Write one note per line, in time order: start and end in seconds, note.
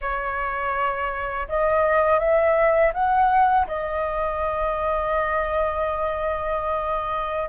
0.01 1.47 C#5
1.48 2.19 D#5
2.19 2.92 E5
2.93 3.67 F#5
3.67 7.49 D#5